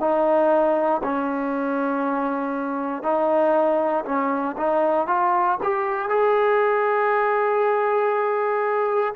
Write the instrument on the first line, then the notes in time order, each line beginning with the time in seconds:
trombone
0.00 D#4
1.03 C#4
3.03 D#4
4.05 C#4
4.57 D#4
5.07 F4
5.63 G4
6.09 G#4